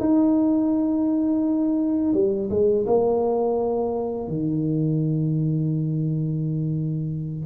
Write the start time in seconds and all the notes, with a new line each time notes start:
0.00 D#4
2.14 G3
2.50 G#3
2.87 A#3
4.28 D#3